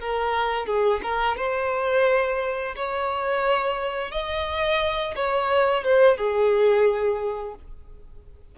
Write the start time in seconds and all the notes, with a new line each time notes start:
0.00 A#4
0.66 G#4
1.03 A#4
1.36 C5
2.76 C#5
4.11 D#5
5.16 C#5
5.84 C5
6.17 G#4